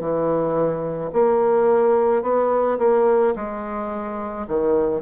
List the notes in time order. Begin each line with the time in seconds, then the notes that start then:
0.00 E3
1.13 A#3
2.23 B3
2.79 A#3
3.36 G#3
4.48 D#3